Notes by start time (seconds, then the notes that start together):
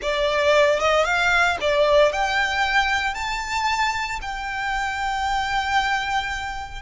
0.02 D5
0.79 D#5
1.04 F5
1.60 D5
2.12 G5
3.14 A5
4.21 G5